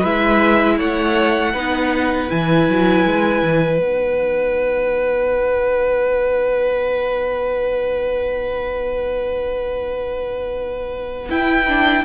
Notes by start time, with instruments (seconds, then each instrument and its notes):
0.00 cello G#3, viola E4, violin B4 E5
0.78 cello A3, violin C#5 F#5
1.54 cello B3, viola D#4, violin B4
2.29 cello E3, viola E4, violin G#5
2.69 cello F#3
3.05 cello G#3
3.43 cello E3
3.78 cello B3, viola D#4, violin F#5
11.29 viola E4, cello E4, violin G5
11.68 viola D4